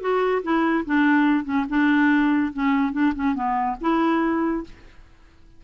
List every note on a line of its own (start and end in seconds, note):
0.00 0.42 F#4
0.43 0.84 E4
0.85 1.44 D4
1.44 1.65 C#4
1.69 2.52 D4
2.53 2.92 C#4
2.92 3.13 D4
3.15 3.34 C#4
3.34 3.76 B3
3.80 4.64 E4